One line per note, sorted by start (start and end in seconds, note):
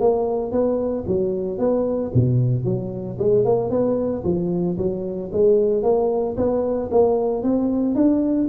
0.00 0.51 A#3
0.51 1.05 B3
1.07 1.58 F#3
1.58 2.11 B3
2.14 2.64 B2
2.64 3.17 F#3
3.19 3.44 G#3
3.44 3.70 A#3
3.70 4.23 B3
4.24 4.77 F3
4.78 5.31 F#3
5.32 5.83 G#3
5.83 6.36 A#3
6.37 6.90 B3
6.91 7.43 A#3
7.43 7.95 C4
7.95 8.48 D4